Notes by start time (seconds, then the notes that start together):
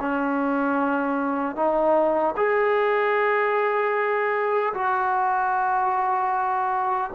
0.00 C#4
1.56 D#4
2.36 G#4
4.74 F#4